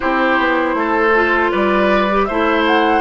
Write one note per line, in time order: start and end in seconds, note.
0.00 0.38 C4
0.00 1.10 E4
0.00 0.75 G4
0.00 1.51 C5
0.38 0.74 B3
0.74 1.50 A3
0.74 1.51 A4
1.15 2.10 F4
1.51 2.29 G3
1.51 2.27 B4
1.51 2.24 D5
2.10 2.29 G4
2.24 3.01 A3
2.24 3.01 E4
2.24 3.01 C5
2.24 2.62 E5
2.66 3.01 F#5